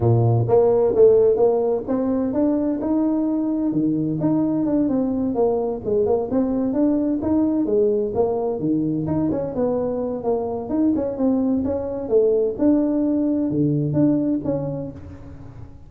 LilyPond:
\new Staff \with { instrumentName = "tuba" } { \time 4/4 \tempo 4 = 129 ais,4 ais4 a4 ais4 | c'4 d'4 dis'2 | dis4 dis'4 d'8 c'4 ais8~ | ais8 gis8 ais8 c'4 d'4 dis'8~ |
dis'8 gis4 ais4 dis4 dis'8 | cis'8 b4. ais4 dis'8 cis'8 | c'4 cis'4 a4 d'4~ | d'4 d4 d'4 cis'4 | }